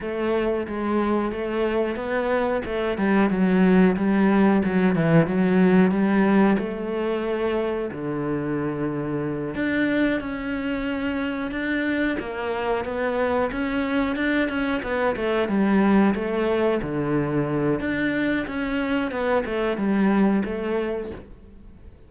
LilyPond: \new Staff \with { instrumentName = "cello" } { \time 4/4 \tempo 4 = 91 a4 gis4 a4 b4 | a8 g8 fis4 g4 fis8 e8 | fis4 g4 a2 | d2~ d8 d'4 cis'8~ |
cis'4. d'4 ais4 b8~ | b8 cis'4 d'8 cis'8 b8 a8 g8~ | g8 a4 d4. d'4 | cis'4 b8 a8 g4 a4 | }